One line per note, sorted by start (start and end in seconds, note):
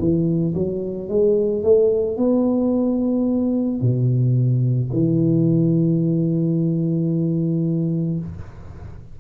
0.00 0.55 E3
0.55 1.09 F#3
1.09 1.63 G#3
1.63 2.18 A3
2.18 3.81 B3
3.81 4.90 B2
4.93 8.20 E3